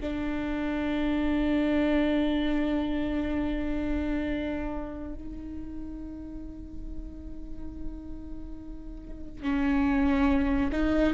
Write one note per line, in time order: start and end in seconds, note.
0.00 5.14 D4
5.14 9.42 D#4
9.42 10.71 C#4
10.71 11.14 D#4